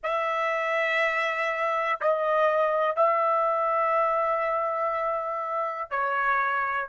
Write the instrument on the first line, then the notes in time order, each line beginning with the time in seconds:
trumpet
0.03 E5
2.00 D#5
2.96 E5
5.90 C#5